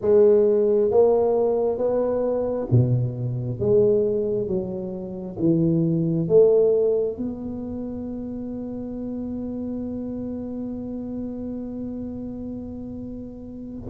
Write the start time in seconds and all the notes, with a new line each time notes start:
0.01 G#3
0.90 A#3
1.77 B3
2.71 B2
3.59 G#3
4.47 F#3
5.38 E3
6.28 A3
7.17 B3